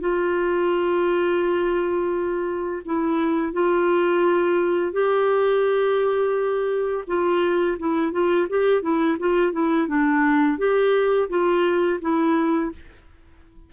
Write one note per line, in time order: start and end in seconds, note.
0.00 2.82 F4
2.85 3.53 E4
3.53 4.93 F4
4.93 7.04 G4
7.07 7.78 F4
7.79 8.12 E4
8.12 8.47 F4
8.49 8.82 G4
8.82 9.17 E4
9.19 9.53 F4
9.53 9.88 E4
9.88 10.58 D4
10.58 11.29 G4
11.29 12.00 F4
12.01 12.72 E4